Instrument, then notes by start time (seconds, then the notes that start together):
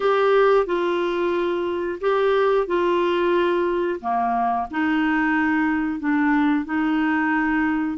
clarinet
0.00 G4
0.65 F4
2.01 G4
2.66 F4
4.00 A#3
4.71 D#4
5.99 D4
6.65 D#4